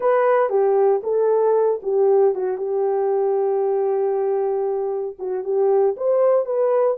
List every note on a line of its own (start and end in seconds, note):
0.00 0.49 B4
0.49 1.01 G4
1.03 1.81 A4
1.82 2.34 G4
2.34 2.57 F#4
2.57 5.16 G4
5.18 5.43 F#4
5.43 5.95 G4
5.96 6.45 C5
6.45 6.97 B4